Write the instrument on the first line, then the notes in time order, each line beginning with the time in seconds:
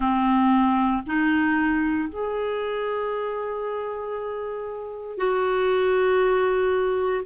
clarinet
0.00 C4
1.06 D#4
2.09 G#4
5.17 F#4